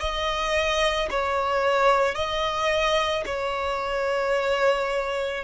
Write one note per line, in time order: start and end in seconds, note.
0.00 1.09 D#5
1.11 2.15 C#5
2.15 3.24 D#5
3.26 5.44 C#5